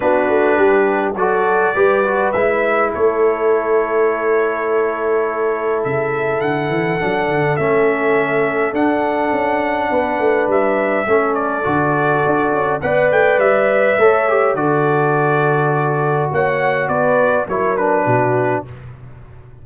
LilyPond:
<<
  \new Staff \with { instrumentName = "trumpet" } { \time 4/4 \tempo 4 = 103 b'2 d''2 | e''4 cis''2.~ | cis''2 e''4 fis''4~ | fis''4 e''2 fis''4~ |
fis''2 e''4. d''8~ | d''2 fis''8 g''8 e''4~ | e''4 d''2. | fis''4 d''4 cis''8 b'4. | }
  \new Staff \with { instrumentName = "horn" } { \time 4/4 fis'4 g'4 a'4 b'4~ | b'4 a'2.~ | a'1~ | a'1~ |
a'4 b'2 a'4~ | a'2 d''2 | cis''4 a'2. | cis''4 b'4 ais'4 fis'4 | }
  \new Staff \with { instrumentName = "trombone" } { \time 4/4 d'2 fis'4 g'8 fis'8 | e'1~ | e'1 | d'4 cis'2 d'4~ |
d'2. cis'4 | fis'2 b'2 | a'8 g'8 fis'2.~ | fis'2 e'8 d'4. | }
  \new Staff \with { instrumentName = "tuba" } { \time 4/4 b8 a8 g4 fis4 g4 | gis4 a2.~ | a2 cis4 d8 e8 | fis8 d8 a2 d'4 |
cis'4 b8 a8 g4 a4 | d4 d'8 cis'8 b8 a8 g4 | a4 d2. | ais4 b4 fis4 b,4 | }
>>